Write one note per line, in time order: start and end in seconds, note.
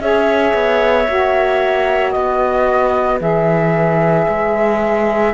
0.00 0.54 C#4
0.00 1.06 G#4
0.00 2.13 C#5
0.00 2.12 E5
0.54 1.07 B3
1.06 2.15 A#3
1.06 3.19 F#4
2.12 3.21 B3
2.12 5.35 B4
2.12 3.19 D#5
3.19 4.28 E3
3.19 5.34 G#4
3.19 5.35 E5
4.28 5.35 G#3